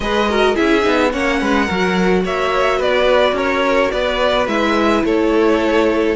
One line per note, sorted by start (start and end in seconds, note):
0.00 0.55 G#3
0.00 0.28 G#4
0.00 0.29 B4
0.00 0.56 D#5
0.29 0.55 F#4
0.29 0.54 A#4
0.54 0.86 C#4
0.54 0.81 E4
0.54 1.10 G#4
0.54 1.12 E5
0.81 1.13 B3
0.81 1.09 D#4
1.11 1.41 A#3
1.11 1.68 C#4
1.11 1.39 C#5
1.11 2.24 F#5
1.39 1.69 G#3
1.39 1.65 B4
1.65 2.23 F#3
1.65 4.48 F#4
1.65 2.21 A#4
2.23 2.80 A#3
2.23 2.78 C#5
2.23 2.81 E5
2.78 3.32 B3
2.78 3.34 B4
2.78 3.37 D5
3.32 3.88 C#4
3.32 3.92 A#4
3.32 3.91 C#5
3.91 4.47 B3
3.91 5.05 B4
3.91 4.47 D5
4.47 5.03 G#3
4.47 6.15 E4
4.47 5.03 E5
5.03 6.15 A3
5.03 6.15 A4
5.03 6.15 C#5